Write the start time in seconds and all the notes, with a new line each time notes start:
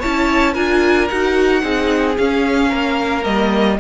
0.00 C#4 E4 C#5 A5
0.54 D4 F4 A#4 G#5
1.09 D#4 F#4 F#5
1.62 C4 D#4 G#4
2.18 C#4 F5
2.70 A#3 A#4
3.24 G3 A#3 D#5